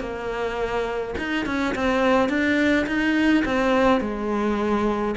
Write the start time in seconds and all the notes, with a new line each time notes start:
0.00 A#3
1.18 D#4
1.46 C#4
1.75 C4
2.29 D4
2.86 D#4
3.45 C4
4.01 G#3